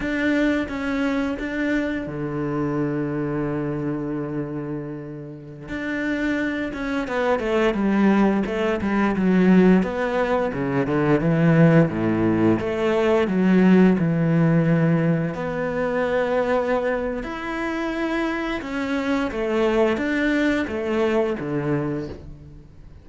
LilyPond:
\new Staff \with { instrumentName = "cello" } { \time 4/4 \tempo 4 = 87 d'4 cis'4 d'4 d4~ | d1~ | d16 d'4. cis'8 b8 a8 g8.~ | g16 a8 g8 fis4 b4 cis8 d16~ |
d16 e4 a,4 a4 fis8.~ | fis16 e2 b4.~ b16~ | b4 e'2 cis'4 | a4 d'4 a4 d4 | }